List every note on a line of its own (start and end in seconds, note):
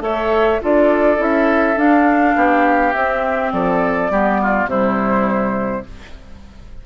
0.00 0.58 A3
0.00 0.58 A4
0.00 0.61 C#5
0.00 0.61 E5
0.61 1.19 D4
0.61 1.16 F4
0.61 2.36 A4
0.61 1.22 D5
1.16 1.76 C#4
1.16 1.75 E4
1.16 1.78 E5
1.76 2.34 D4
1.76 2.93 D4
1.76 2.93 F5
2.35 2.94 B3
2.35 3.52 G4
2.93 4.10 C4
2.93 3.52 C4
2.93 3.51 E5
3.52 4.10 F3
3.52 4.11 A4
3.52 4.68 D5
4.10 4.65 G3
4.10 4.68 B3
4.10 4.40 G4
4.42 4.69 F4
4.65 5.81 C3
4.65 5.84 G3
4.65 5.85 E4
4.65 5.86 C5